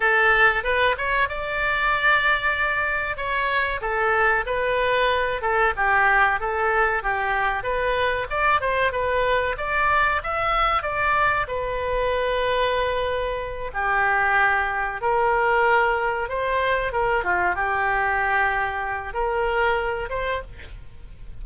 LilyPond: \new Staff \with { instrumentName = "oboe" } { \time 4/4 \tempo 4 = 94 a'4 b'8 cis''8 d''2~ | d''4 cis''4 a'4 b'4~ | b'8 a'8 g'4 a'4 g'4 | b'4 d''8 c''8 b'4 d''4 |
e''4 d''4 b'2~ | b'4. g'2 ais'8~ | ais'4. c''4 ais'8 f'8 g'8~ | g'2 ais'4. c''8 | }